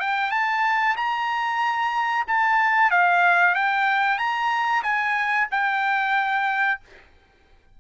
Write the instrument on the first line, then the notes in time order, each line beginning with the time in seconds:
trumpet
0.00 G5
0.31 A5
0.97 A#5
2.28 A5
2.91 F5
3.55 G5
4.18 A#5
4.83 G#5
5.52 G5